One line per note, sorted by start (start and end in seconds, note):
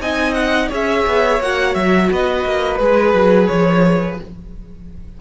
0.00 0.70 C4
0.00 0.70 D#4
0.00 0.68 D#5
0.00 0.34 G#5
0.34 0.68 F#5
0.68 1.06 C#4
0.68 1.40 G#4
0.68 2.08 C#5
0.68 1.42 E5
1.06 1.40 B3
1.40 1.75 A#3
1.40 2.79 F#4
1.40 1.74 F#5
1.74 2.10 F#3
1.74 2.09 E5
2.11 2.44 B3
2.11 4.20 B4
2.11 2.77 D#5
2.44 2.79 A#3
2.77 3.13 G#3
2.77 4.19 G#4
2.77 3.47 B4
3.13 3.48 F#3
3.47 4.19 F3
3.47 4.16 C#5